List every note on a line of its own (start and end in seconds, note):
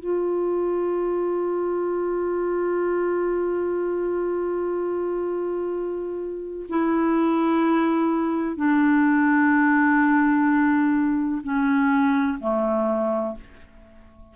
0.00 6.67 F4
6.69 8.57 E4
8.57 11.42 D4
11.43 12.39 C#4
12.40 13.35 A3